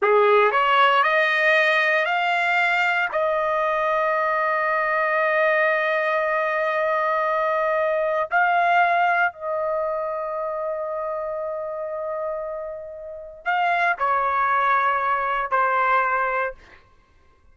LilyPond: \new Staff \with { instrumentName = "trumpet" } { \time 4/4 \tempo 4 = 116 gis'4 cis''4 dis''2 | f''2 dis''2~ | dis''1~ | dis''1 |
f''2 dis''2~ | dis''1~ | dis''2 f''4 cis''4~ | cis''2 c''2 | }